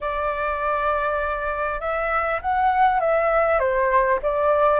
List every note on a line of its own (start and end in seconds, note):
0.01 1.80 D5
1.80 2.40 E5
2.41 3.00 F#5
3.00 3.59 E5
3.59 4.19 C5
4.22 4.80 D5